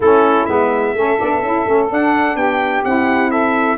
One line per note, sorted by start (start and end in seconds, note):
0.00 0.45 A3
0.00 0.47 C#4
0.00 0.93 E4
0.00 0.45 A4
0.45 0.94 G#3
0.45 0.94 B3
0.45 1.87 E5
0.94 1.18 A3
0.94 1.17 C#4
0.94 2.36 A4
1.17 1.41 B3
1.17 1.40 D4
1.41 1.65 C#4
1.41 1.65 E4
1.65 1.89 A3
1.65 1.89 C#4
1.89 2.83 D4
1.89 2.35 D4
1.89 2.36 F#5
2.35 2.82 B3
2.35 3.29 G4
2.35 2.83 G5
2.84 3.77 C4
2.84 3.77 E4
2.84 3.30 F#5
3.29 3.76 A4
3.29 3.77 E5